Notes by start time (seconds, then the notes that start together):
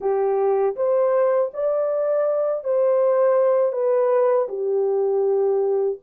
0.00 G4
0.76 C5
1.53 D5
2.64 C5
3.72 B4
4.48 G4